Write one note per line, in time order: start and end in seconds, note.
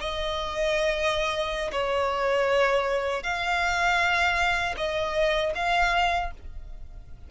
0.00 1.71 D#5
1.72 3.23 C#5
3.23 4.75 F5
4.77 5.53 D#5
5.55 6.31 F5